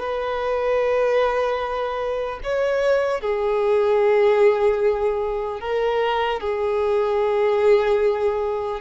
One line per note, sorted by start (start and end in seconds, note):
0.00 2.40 B4
2.44 3.21 C#5
3.21 5.61 G#4
5.61 6.41 A#4
6.41 8.81 G#4